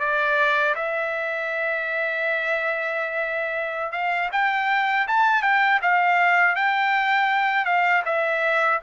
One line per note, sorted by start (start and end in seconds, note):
0.00 0.75 D5
0.75 3.92 E5
3.92 4.30 F5
4.32 5.07 G5
5.08 5.43 A5
5.43 5.80 G5
5.82 6.56 F5
6.56 7.65 G5
7.65 8.03 F5
8.05 8.80 E5